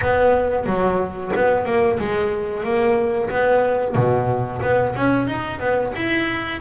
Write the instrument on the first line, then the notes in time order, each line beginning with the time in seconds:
double bass
0.01 B3
0.66 F#3
1.35 B3
1.65 A#3
1.98 G#3
2.63 A#3
3.30 B3
3.95 B2
4.62 B3
4.95 C#4
5.27 D#4
5.59 B3
5.95 E4